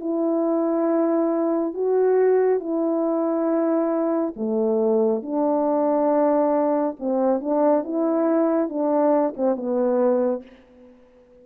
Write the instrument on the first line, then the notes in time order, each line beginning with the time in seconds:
horn
0.00 E4
1.74 F#4
2.60 E4
4.36 A3
5.22 D4
6.99 C4
7.40 D4
7.84 E4
8.69 D4
9.36 C4
9.56 B3